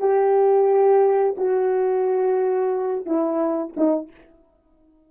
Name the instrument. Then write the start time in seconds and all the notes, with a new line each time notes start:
horn
0.00 G4
1.38 F#4
3.06 E4
3.77 D#4